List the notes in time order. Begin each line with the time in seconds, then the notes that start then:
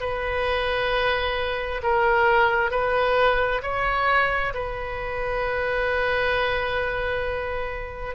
0.00 B4
1.83 A#4
2.71 B4
3.62 C#5
4.54 B4